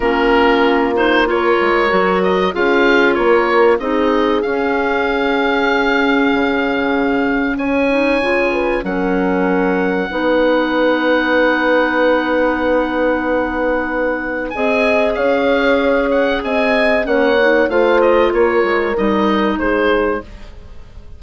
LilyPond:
<<
  \new Staff \with { instrumentName = "oboe" } { \time 4/4 \tempo 4 = 95 ais'4. c''8 cis''4. dis''8 | f''4 cis''4 dis''4 f''4~ | f''1 | gis''2 fis''2~ |
fis''1~ | fis''2. gis''4 | f''4. fis''8 gis''4 fis''4 | f''8 dis''8 cis''4 dis''4 c''4 | }
  \new Staff \with { instrumentName = "horn" } { \time 4/4 f'2 ais'2 | gis'4 ais'4 gis'2~ | gis'1 | cis''4. b'8 ais'2 |
b'1~ | b'2. dis''4 | cis''2 dis''4 cis''4 | c''4 ais'2 gis'4 | }
  \new Staff \with { instrumentName = "clarinet" } { \time 4/4 cis'4. dis'8 f'4 fis'4 | f'2 dis'4 cis'4~ | cis'1~ | cis'8 dis'8 f'4 cis'2 |
dis'1~ | dis'2. gis'4~ | gis'2. cis'8 dis'8 | f'2 dis'2 | }
  \new Staff \with { instrumentName = "bassoon" } { \time 4/4 ais2~ ais8 gis8 fis4 | cis'4 ais4 c'4 cis'4~ | cis'2 cis2 | cis'4 cis4 fis2 |
b1~ | b2. c'4 | cis'2 c'4 ais4 | a4 ais8 gis8 g4 gis4 | }
>>